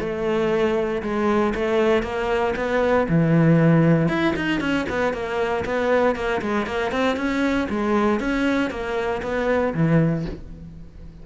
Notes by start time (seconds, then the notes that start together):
0.00 A3
1.03 G#3
1.55 A3
2.03 A#3
2.56 B3
3.09 E3
4.09 E4
4.36 D#4
4.61 C#4
4.90 B3
5.14 A#3
5.65 B3
6.16 A#3
6.42 G#3
6.67 A#3
6.92 C4
7.17 C#4
7.70 G#3
8.21 C#4
8.71 A#3
9.23 B3
9.75 E3